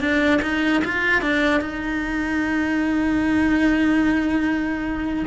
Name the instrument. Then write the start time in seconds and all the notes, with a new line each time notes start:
cello
0.00 D4
0.42 D#4
0.84 F4
1.22 D4
1.61 D#4